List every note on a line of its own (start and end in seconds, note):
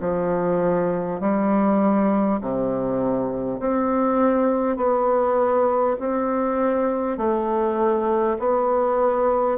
0.00 1.20 F3
1.20 2.40 G3
2.41 3.59 C3
3.59 4.77 C4
4.77 5.97 B3
5.99 7.17 C4
7.17 8.37 A3
8.39 9.58 B3